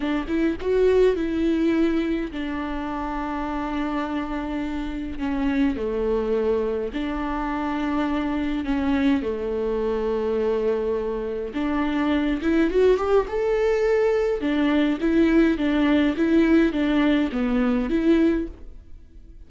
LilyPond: \new Staff \with { instrumentName = "viola" } { \time 4/4 \tempo 4 = 104 d'8 e'8 fis'4 e'2 | d'1~ | d'4 cis'4 a2 | d'2. cis'4 |
a1 | d'4. e'8 fis'8 g'8 a'4~ | a'4 d'4 e'4 d'4 | e'4 d'4 b4 e'4 | }